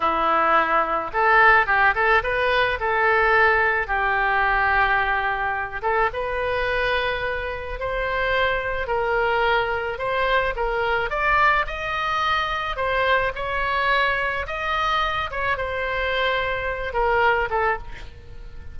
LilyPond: \new Staff \with { instrumentName = "oboe" } { \time 4/4 \tempo 4 = 108 e'2 a'4 g'8 a'8 | b'4 a'2 g'4~ | g'2~ g'8 a'8 b'4~ | b'2 c''2 |
ais'2 c''4 ais'4 | d''4 dis''2 c''4 | cis''2 dis''4. cis''8 | c''2~ c''8 ais'4 a'8 | }